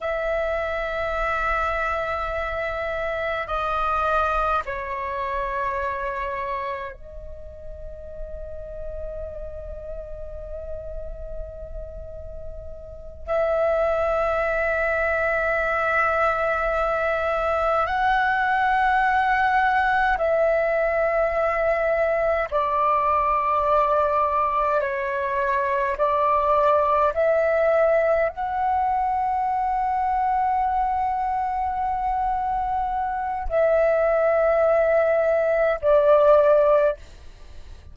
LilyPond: \new Staff \with { instrumentName = "flute" } { \time 4/4 \tempo 4 = 52 e''2. dis''4 | cis''2 dis''2~ | dis''2.~ dis''8 e''8~ | e''2.~ e''8 fis''8~ |
fis''4. e''2 d''8~ | d''4. cis''4 d''4 e''8~ | e''8 fis''2.~ fis''8~ | fis''4 e''2 d''4 | }